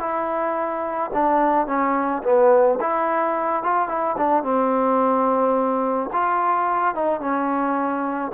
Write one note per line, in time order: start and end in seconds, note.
0.00 1.11 E4
1.14 1.67 D4
1.67 2.23 C#4
2.23 2.79 B3
2.81 3.64 E4
3.64 3.89 F4
3.89 4.16 E4
4.18 4.44 D4
4.44 6.10 C4
6.13 6.95 F4
6.95 7.21 D#4
7.21 8.32 C#4